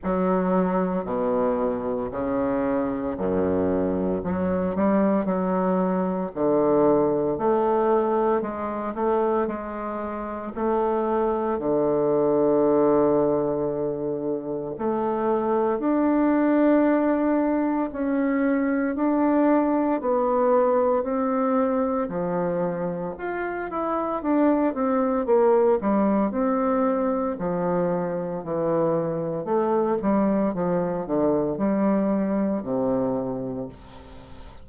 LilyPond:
\new Staff \with { instrumentName = "bassoon" } { \time 4/4 \tempo 4 = 57 fis4 b,4 cis4 fis,4 | fis8 g8 fis4 d4 a4 | gis8 a8 gis4 a4 d4~ | d2 a4 d'4~ |
d'4 cis'4 d'4 b4 | c'4 f4 f'8 e'8 d'8 c'8 | ais8 g8 c'4 f4 e4 | a8 g8 f8 d8 g4 c4 | }